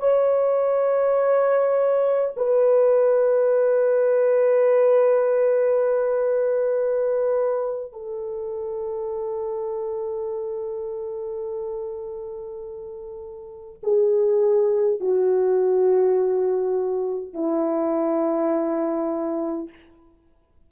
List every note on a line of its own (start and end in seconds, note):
0.00 2.35 C#5
2.37 7.93 B4
7.93 13.81 A4
13.83 15.01 G#4
15.01 17.34 F#4
17.34 19.70 E4